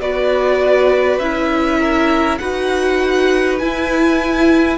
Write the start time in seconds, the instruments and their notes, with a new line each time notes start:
0.00 cello B3, viola F#4, violin B4 D5
1.18 cello C#4, viola E4, violin E5
1.79 violin A#4
2.38 cello D#4, viola F#4, violin B4 F#5
3.58 viola E4, cello E4, violin G#5